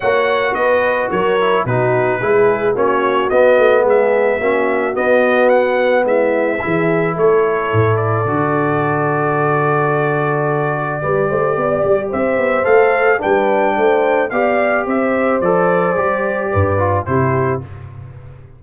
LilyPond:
<<
  \new Staff \with { instrumentName = "trumpet" } { \time 4/4 \tempo 4 = 109 fis''4 dis''4 cis''4 b'4~ | b'4 cis''4 dis''4 e''4~ | e''4 dis''4 fis''4 e''4~ | e''4 cis''4. d''4.~ |
d''1~ | d''2 e''4 f''4 | g''2 f''4 e''4 | d''2. c''4 | }
  \new Staff \with { instrumentName = "horn" } { \time 4/4 cis''4 b'4 ais'4 fis'4 | gis'4 fis'2 gis'4 | fis'2. e'4 | gis'4 a'2.~ |
a'1 | b'8 c''8 d''4 c''2 | b'4 c''4 d''4 c''4~ | c''2 b'4 g'4 | }
  \new Staff \with { instrumentName = "trombone" } { \time 4/4 fis'2~ fis'8 e'8 dis'4 | e'4 cis'4 b2 | cis'4 b2. | e'2. fis'4~ |
fis'1 | g'2. a'4 | d'2 g'2 | a'4 g'4. f'8 e'4 | }
  \new Staff \with { instrumentName = "tuba" } { \time 4/4 ais4 b4 fis4 b,4 | gis4 ais4 b8 a8 gis4 | ais4 b2 gis4 | e4 a4 a,4 d4~ |
d1 | g8 a8 b8 g8 c'8 b8 a4 | g4 a4 b4 c'4 | f4 g4 g,4 c4 | }
>>